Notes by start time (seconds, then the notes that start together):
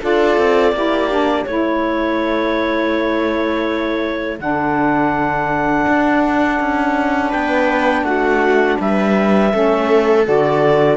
0.00 D4 F4 A4 D5
0.37 C4
0.72 A#3 E4 G4
1.11 D4
1.45 A3 E4 A4 C#5
4.38 D3 D4 F#5
5.88 D4
6.60 C#4
7.29 B3 B4 G5
8.03 A3 F#4 F#5
8.80 G3 B4 E5
9.51 A3 C#4 A4
10.25 D3 F#4 D5